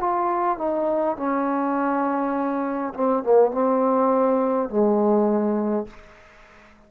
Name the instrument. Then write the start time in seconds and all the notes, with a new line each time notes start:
trombone
0.00 F4
0.58 D#4
1.17 C#4
2.94 C4
3.24 A#3
3.52 C4
4.70 G#3